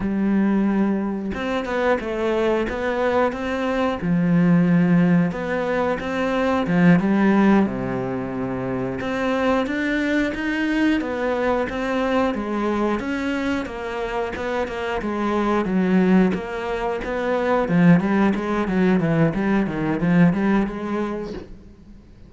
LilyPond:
\new Staff \with { instrumentName = "cello" } { \time 4/4 \tempo 4 = 90 g2 c'8 b8 a4 | b4 c'4 f2 | b4 c'4 f8 g4 c8~ | c4. c'4 d'4 dis'8~ |
dis'8 b4 c'4 gis4 cis'8~ | cis'8 ais4 b8 ais8 gis4 fis8~ | fis8 ais4 b4 f8 g8 gis8 | fis8 e8 g8 dis8 f8 g8 gis4 | }